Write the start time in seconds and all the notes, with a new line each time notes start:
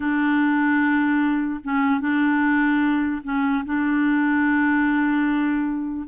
0.00 D4
1.63 C#4
2.00 D4
3.23 C#4
3.65 D4